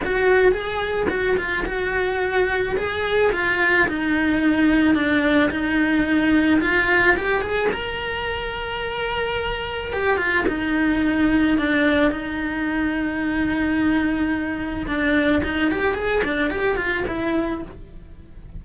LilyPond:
\new Staff \with { instrumentName = "cello" } { \time 4/4 \tempo 4 = 109 fis'4 gis'4 fis'8 f'8 fis'4~ | fis'4 gis'4 f'4 dis'4~ | dis'4 d'4 dis'2 | f'4 g'8 gis'8 ais'2~ |
ais'2 g'8 f'8 dis'4~ | dis'4 d'4 dis'2~ | dis'2. d'4 | dis'8 g'8 gis'8 d'8 g'8 f'8 e'4 | }